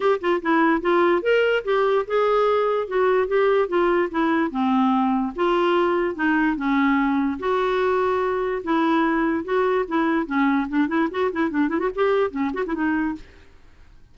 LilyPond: \new Staff \with { instrumentName = "clarinet" } { \time 4/4 \tempo 4 = 146 g'8 f'8 e'4 f'4 ais'4 | g'4 gis'2 fis'4 | g'4 f'4 e'4 c'4~ | c'4 f'2 dis'4 |
cis'2 fis'2~ | fis'4 e'2 fis'4 | e'4 cis'4 d'8 e'8 fis'8 e'8 | d'8 e'16 fis'16 g'4 cis'8 fis'16 e'16 dis'4 | }